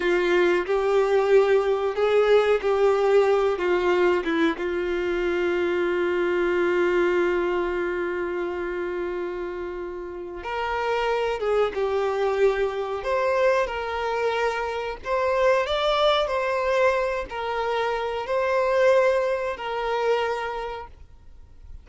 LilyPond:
\new Staff \with { instrumentName = "violin" } { \time 4/4 \tempo 4 = 92 f'4 g'2 gis'4 | g'4. f'4 e'8 f'4~ | f'1~ | f'1 |
ais'4. gis'8 g'2 | c''4 ais'2 c''4 | d''4 c''4. ais'4. | c''2 ais'2 | }